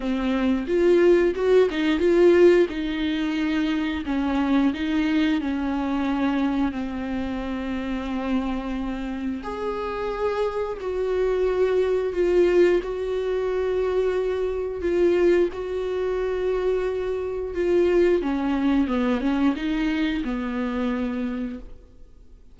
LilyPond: \new Staff \with { instrumentName = "viola" } { \time 4/4 \tempo 4 = 89 c'4 f'4 fis'8 dis'8 f'4 | dis'2 cis'4 dis'4 | cis'2 c'2~ | c'2 gis'2 |
fis'2 f'4 fis'4~ | fis'2 f'4 fis'4~ | fis'2 f'4 cis'4 | b8 cis'8 dis'4 b2 | }